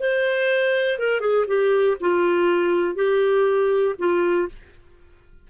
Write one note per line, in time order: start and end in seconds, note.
0.00 0.99 C5
0.99 1.21 A#4
1.21 1.46 G#4
1.48 1.98 G4
2.01 2.96 F4
2.96 3.96 G4
3.99 4.49 F4